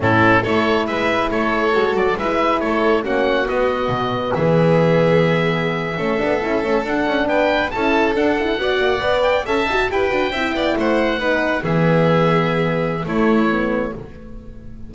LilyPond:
<<
  \new Staff \with { instrumentName = "oboe" } { \time 4/4 \tempo 4 = 138 a'4 cis''4 e''4 cis''4~ | cis''8 d''8 e''4 cis''4 fis''4 | dis''2 e''2~ | e''2.~ e''8. fis''16~ |
fis''8. g''4 a''4 fis''4~ fis''16~ | fis''4~ fis''16 g''8 a''4 g''4~ g''16~ | g''8. fis''2 e''4~ e''16~ | e''2 cis''2 | }
  \new Staff \with { instrumentName = "violin" } { \time 4/4 e'4 a'4 b'4 a'4~ | a'4 b'4 a'4 fis'4~ | fis'2 gis'2~ | gis'4.~ gis'16 a'2~ a'16~ |
a'8. b'4 a'2 d''16~ | d''4.~ d''16 e''4 b'4 e''16~ | e''16 d''8 c''4 b'4 gis'4~ gis'16~ | gis'2 e'2 | }
  \new Staff \with { instrumentName = "horn" } { \time 4/4 cis'4 e'2. | fis'4 e'2 cis'4 | b1~ | b4.~ b16 cis'8 d'8 e'8 cis'8 d'16~ |
d'4.~ d'16 e'4 d'8 e'8 fis'16~ | fis'8. b'4 a'8 fis'8 g'8 fis'8 e'16~ | e'4.~ e'16 dis'4 b4~ b16~ | b2 a4 b4 | }
  \new Staff \with { instrumentName = "double bass" } { \time 4/4 a,4 a4 gis4 a4 | gis8 fis8 gis4 a4 ais4 | b4 b,4 e2~ | e4.~ e16 a8 b8 cis'8 a8 d'16~ |
d'16 cis'8 b4 cis'4 d'4 b16~ | b16 ais8 b4 cis'8 dis'8 e'8 d'8 c'16~ | c'16 b8 a4 b4 e4~ e16~ | e2 a2 | }
>>